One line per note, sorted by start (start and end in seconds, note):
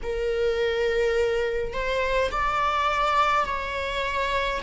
0.03 1.73 A#4
1.73 2.31 C5
2.31 3.45 D5
3.45 4.60 C#5